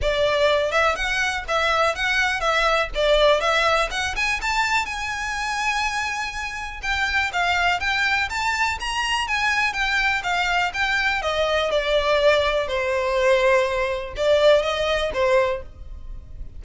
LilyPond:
\new Staff \with { instrumentName = "violin" } { \time 4/4 \tempo 4 = 123 d''4. e''8 fis''4 e''4 | fis''4 e''4 d''4 e''4 | fis''8 gis''8 a''4 gis''2~ | gis''2 g''4 f''4 |
g''4 a''4 ais''4 gis''4 | g''4 f''4 g''4 dis''4 | d''2 c''2~ | c''4 d''4 dis''4 c''4 | }